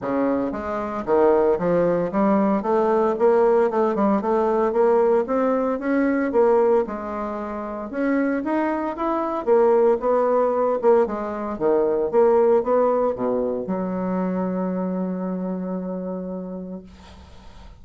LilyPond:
\new Staff \with { instrumentName = "bassoon" } { \time 4/4 \tempo 4 = 114 cis4 gis4 dis4 f4 | g4 a4 ais4 a8 g8 | a4 ais4 c'4 cis'4 | ais4 gis2 cis'4 |
dis'4 e'4 ais4 b4~ | b8 ais8 gis4 dis4 ais4 | b4 b,4 fis2~ | fis1 | }